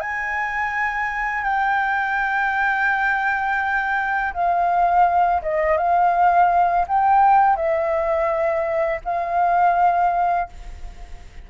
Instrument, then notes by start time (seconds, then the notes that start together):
flute
0.00 G#5
1.44 G5
4.33 F5
5.42 D#5
5.77 F5
6.88 G5
7.56 E5
9.04 F5